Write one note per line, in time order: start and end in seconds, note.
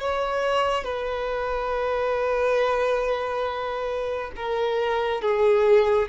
0.00 0.84 C#5
0.84 4.32 B4
4.36 5.22 A#4
5.22 6.09 G#4